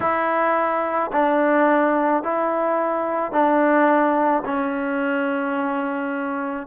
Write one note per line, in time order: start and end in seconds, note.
0.00 1.11 E4
1.12 2.23 D4
2.23 3.31 E4
3.31 4.42 D4
4.45 6.66 C#4